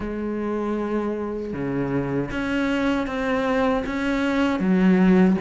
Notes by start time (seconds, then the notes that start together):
0.00 G#3
1.53 C#3
2.31 C#4
3.07 C4
3.85 C#4
4.59 F#3